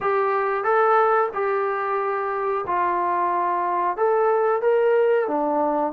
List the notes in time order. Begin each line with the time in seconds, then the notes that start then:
0.00 G4
0.64 A4
1.33 G4
2.66 F4
3.96 A4
4.61 A#4
5.27 D4